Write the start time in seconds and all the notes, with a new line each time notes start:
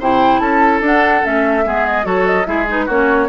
0.00 C3 E4 C5 G5
0.40 C#4 A4 A5
0.81 D4 F#5
1.23 A3 C#4 E5
1.64 G#3 B3 G#4
1.86 D#5
2.04 F#3 F#4 A4 C#5
2.27 D#5
2.45 G#3 E4 G#4 E5
2.68 D#4 B4
2.86 A#3 C#4 F#4 C#5